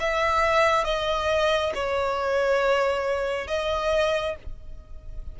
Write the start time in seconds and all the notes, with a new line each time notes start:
0.00 E5
0.85 D#5
1.74 C#5
3.48 D#5